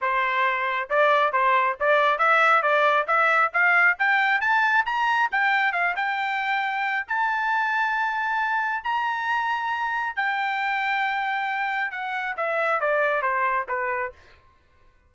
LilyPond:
\new Staff \with { instrumentName = "trumpet" } { \time 4/4 \tempo 4 = 136 c''2 d''4 c''4 | d''4 e''4 d''4 e''4 | f''4 g''4 a''4 ais''4 | g''4 f''8 g''2~ g''8 |
a''1 | ais''2. g''4~ | g''2. fis''4 | e''4 d''4 c''4 b'4 | }